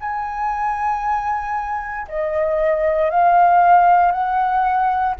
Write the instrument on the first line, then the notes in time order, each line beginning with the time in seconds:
flute
0.00 G#5
2.08 D#5
3.10 F5
4.11 F#5